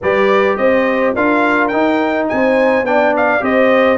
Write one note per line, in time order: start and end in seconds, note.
0.01 0.57 G3
0.01 1.16 G4
0.01 0.58 B4
0.01 0.56 D5
0.56 1.14 C4
0.56 1.14 C5
0.56 1.14 D#5
1.14 1.72 D4
1.14 1.72 F4
1.14 2.28 A#4
1.14 1.68 F5
1.68 2.85 D#4
1.68 2.29 D#4
1.68 2.25 G5
2.28 2.82 C4
2.28 2.86 C5
2.28 2.85 G#5
2.82 3.39 B3
2.82 3.39 D4
2.82 3.42 D5
2.82 3.14 G5
3.16 3.43 F5
3.39 3.97 C4
3.39 3.97 G4
3.39 3.97 C5
3.39 3.97 D#5